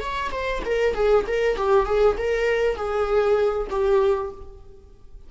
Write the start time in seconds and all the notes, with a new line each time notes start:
0.00 C#5
0.32 C5
0.65 A#4
0.95 G#4
1.27 A#4
1.57 G4
1.86 G#4
2.17 A#4
2.76 G#4
3.70 G4